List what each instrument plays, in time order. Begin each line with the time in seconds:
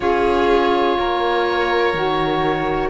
0.00 cello C#4, saxophone F4, violin G#4, oboe C#5
0.98 cello A#3, violin A#4
1.93 cello D#3, saxophone F#4